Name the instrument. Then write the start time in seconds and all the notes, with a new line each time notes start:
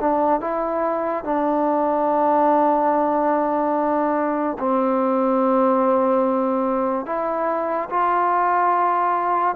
trombone
0.00 D4
0.41 E4
1.24 D4
4.59 C4
7.05 E4
7.90 F4